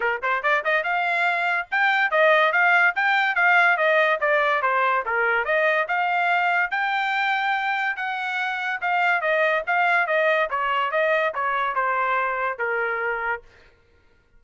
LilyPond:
\new Staff \with { instrumentName = "trumpet" } { \time 4/4 \tempo 4 = 143 ais'8 c''8 d''8 dis''8 f''2 | g''4 dis''4 f''4 g''4 | f''4 dis''4 d''4 c''4 | ais'4 dis''4 f''2 |
g''2. fis''4~ | fis''4 f''4 dis''4 f''4 | dis''4 cis''4 dis''4 cis''4 | c''2 ais'2 | }